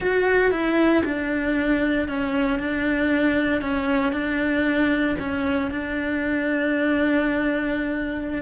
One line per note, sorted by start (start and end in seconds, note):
0.00 0.51 F#4
0.51 1.03 E4
1.04 2.08 D4
2.08 2.59 C#4
2.59 3.61 D4
3.61 4.12 C#4
4.12 5.15 D4
5.19 5.70 C#4
5.71 8.41 D4